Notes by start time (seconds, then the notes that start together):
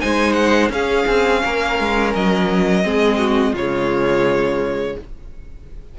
0.00 G#3 D#4 C5 G#5
0.33 F#5
0.69 C#4 G#4 F5
1.07 C4
1.43 A#3 A#4
1.79 G#3
2.14 F#3 D#5
2.83 G#3 C4 G#4
3.18 F#4
3.52 C#3 G#3 F4 C#5